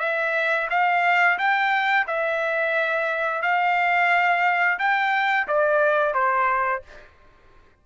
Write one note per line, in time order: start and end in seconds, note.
0.00 0.68 E5
0.70 1.39 F5
1.39 2.07 G5
2.08 3.42 E5
3.42 4.79 F5
4.79 5.48 G5
5.48 6.15 D5
6.15 6.83 C5